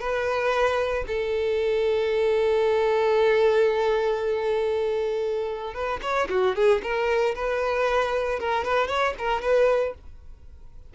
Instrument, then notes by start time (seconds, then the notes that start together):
violin
0.00 B4
1.07 A4
5.74 B4
6.02 C#5
6.29 F#4
6.55 G#4
6.83 A#4
7.35 B4
8.40 A#4
8.64 B4
8.88 C#5
9.18 A#4
9.42 B4